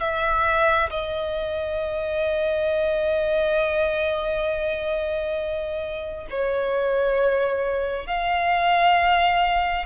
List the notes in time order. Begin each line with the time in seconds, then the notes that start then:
0.00 E5
0.90 D#5
6.30 C#5
8.06 F5